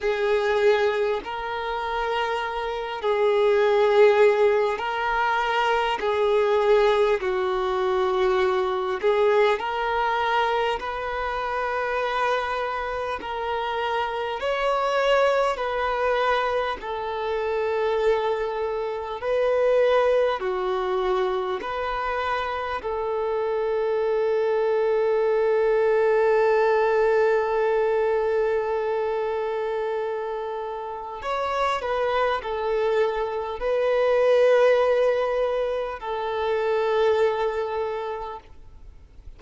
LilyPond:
\new Staff \with { instrumentName = "violin" } { \time 4/4 \tempo 4 = 50 gis'4 ais'4. gis'4. | ais'4 gis'4 fis'4. gis'8 | ais'4 b'2 ais'4 | cis''4 b'4 a'2 |
b'4 fis'4 b'4 a'4~ | a'1~ | a'2 cis''8 b'8 a'4 | b'2 a'2 | }